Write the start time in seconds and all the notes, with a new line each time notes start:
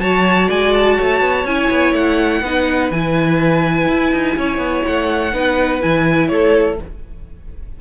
0.00 F#3 F#4 C#5 A5
0.49 G#3 D5 G#5
0.74 A5
0.96 A3 C#5
1.21 B3
1.45 C#4 E4 G#5
1.71 B3
1.93 A3 F#5
2.42 B3 D#4 B4
2.91 E3 E4 G#5
3.89 E4
4.12 D#4
4.37 C#4 C#5
4.58 B3
4.87 A3 F#5
5.33 B3 D#4 B4
5.81 E3 E4 G#5
6.29 A3 A4 C#5